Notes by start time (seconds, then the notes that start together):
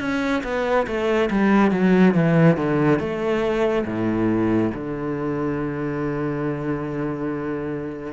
0.00 C#4
0.44 B3
0.87 A3
1.31 G3
1.72 F#3
2.15 E3
2.58 D3
3.00 A3
3.86 A2
4.75 D3